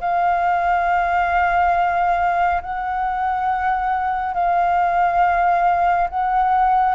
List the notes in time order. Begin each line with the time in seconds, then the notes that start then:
0.00 F5
2.61 F#5
4.34 F5
6.09 F#5